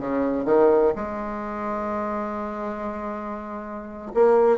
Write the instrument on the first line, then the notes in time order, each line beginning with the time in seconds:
bassoon
0.00 C#3
0.45 D#3
0.96 G#3
4.15 A#3